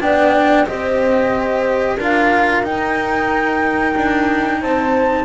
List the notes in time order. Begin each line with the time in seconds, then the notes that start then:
0.00 B3 D4 D5 G5
0.66 C4 G4 C5 D#5
1.96 D4 F4 A#4 F5
2.63 D#4 G5
3.96 D4
4.61 C4 C5 A5